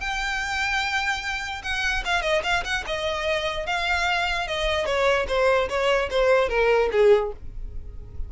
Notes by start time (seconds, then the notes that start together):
0.00 G5
1.63 F#5
2.05 F5
2.22 D#5
2.43 F5
2.64 F#5
2.86 D#5
3.66 F5
4.48 D#5
4.86 C#5
5.28 C5
5.69 C#5
6.10 C5
6.49 A#4
6.92 G#4